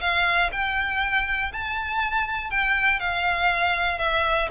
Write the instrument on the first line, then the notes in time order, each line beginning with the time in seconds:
violin
0.00 F5
0.52 G5
1.52 A5
2.50 G5
2.99 F5
3.98 E5